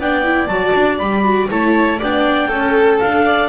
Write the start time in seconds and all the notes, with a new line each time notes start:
0.00 B3 D4 D5 G5
0.24 E4
0.47 F#3 F#4 A5
0.75 D4
0.98 G3 G4 B5
1.24 F#4
1.50 A3 E4 C#5 A5
1.99 B3 D4 D5 G5
2.48 C#4 A4
3.00 D4 F5
3.26 D5